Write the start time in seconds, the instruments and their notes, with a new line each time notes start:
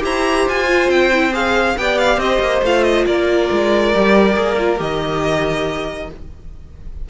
0.00 cello E4, viola G4, violin C5 A#5
0.48 cello F4, violin G#5
0.68 viola F4
0.89 cello C4, violin G5
1.13 viola E4
1.32 viola G#4, violin F5
1.77 cello B3, viola G4, violin D5 G5
1.98 violin F5
2.17 cello C4, violin C5 D#5
2.40 cello A#3
2.62 cello A3, viola F4, violin F5
2.83 violin D#5
3.06 cello A#3, violin A#4 D5
3.52 cello G#3
3.94 cello G3, viola G4
4.36 cello A#3, viola G#4
4.59 viola F4
4.77 cello D#3, viola G4, violin D#5